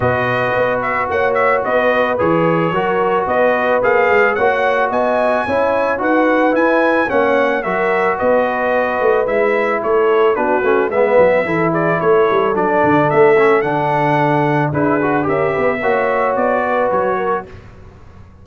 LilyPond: <<
  \new Staff \with { instrumentName = "trumpet" } { \time 4/4 \tempo 4 = 110 dis''4. e''8 fis''8 e''8 dis''4 | cis''2 dis''4 f''4 | fis''4 gis''2 fis''4 | gis''4 fis''4 e''4 dis''4~ |
dis''4 e''4 cis''4 b'4 | e''4. d''8 cis''4 d''4 | e''4 fis''2 b'4 | e''2 d''4 cis''4 | }
  \new Staff \with { instrumentName = "horn" } { \time 4/4 b'2 cis''4 b'4~ | b'4 ais'4 b'2 | cis''4 dis''4 cis''4 b'4~ | b'4 cis''4 ais'4 b'4~ |
b'2 a'4 fis'4 | b'4 a'8 gis'8 a'2~ | a'2. gis'4 | ais'8 b'8 cis''4. b'4 ais'8 | }
  \new Staff \with { instrumentName = "trombone" } { \time 4/4 fis'1 | gis'4 fis'2 gis'4 | fis'2 e'4 fis'4 | e'4 cis'4 fis'2~ |
fis'4 e'2 d'8 cis'8 | b4 e'2 d'4~ | d'8 cis'8 d'2 e'8 fis'8 | g'4 fis'2. | }
  \new Staff \with { instrumentName = "tuba" } { \time 4/4 b,4 b4 ais4 b4 | e4 fis4 b4 ais8 gis8 | ais4 b4 cis'4 dis'4 | e'4 ais4 fis4 b4~ |
b8 a8 gis4 a4 b8 a8 | gis8 fis8 e4 a8 g8 fis8 d8 | a4 d2 d'4 | cis'8 b8 ais4 b4 fis4 | }
>>